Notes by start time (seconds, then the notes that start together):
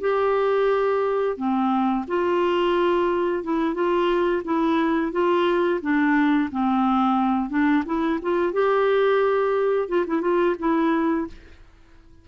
0.00 G4
1.37 C4
2.07 F4
3.43 E4
3.74 F4
4.44 E4
5.12 F4
5.81 D4
6.51 C4
7.49 D4
7.85 E4
8.22 F4
8.52 G4
9.88 F4
10.06 E4
10.21 F4
10.59 E4